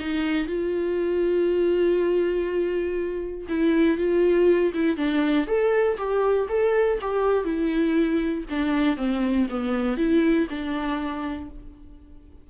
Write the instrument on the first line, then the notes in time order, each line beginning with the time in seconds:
viola
0.00 D#4
0.47 F4
3.49 E4
3.98 F4
4.74 E4
4.97 D4
5.47 A4
5.98 G4
6.49 A4
7.02 G4
7.45 E4
8.50 D4
8.97 C4
9.50 B3
9.97 E4
10.50 D4